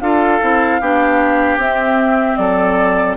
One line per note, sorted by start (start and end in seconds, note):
0.00 0.40 D4
0.00 0.41 F4
0.00 0.80 A4
0.00 1.58 F5
0.41 0.80 C4
0.41 0.80 E4
0.80 1.57 B3
0.80 1.60 D4
0.80 2.38 G4
1.57 2.36 C4
1.57 3.17 C4
1.57 2.36 E5
2.36 3.16 F#3
2.36 3.17 A4
2.36 3.15 D5